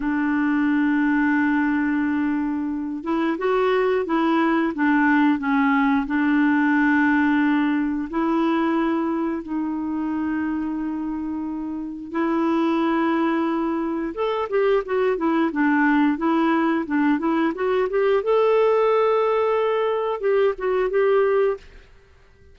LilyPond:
\new Staff \with { instrumentName = "clarinet" } { \time 4/4 \tempo 4 = 89 d'1~ | d'8 e'8 fis'4 e'4 d'4 | cis'4 d'2. | e'2 dis'2~ |
dis'2 e'2~ | e'4 a'8 g'8 fis'8 e'8 d'4 | e'4 d'8 e'8 fis'8 g'8 a'4~ | a'2 g'8 fis'8 g'4 | }